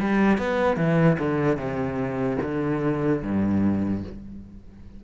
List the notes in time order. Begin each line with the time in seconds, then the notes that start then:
0.00 G3
0.38 B3
0.77 E3
1.19 D3
1.57 C3
2.43 D3
3.23 G2